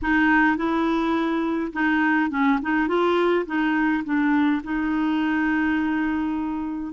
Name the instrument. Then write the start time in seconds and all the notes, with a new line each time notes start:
clarinet
0.02 D#4
0.56 E4
1.72 D#4
2.30 C#4
2.61 D#4
2.87 F4
3.46 D#4
4.04 D4
4.63 D#4